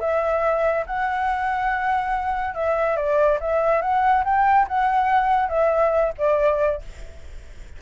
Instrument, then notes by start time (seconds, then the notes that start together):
flute
0.00 E5
0.86 F#5
2.54 E5
2.96 D5
3.40 E5
3.82 F#5
4.24 G5
4.68 F#5
5.49 E5
6.18 D5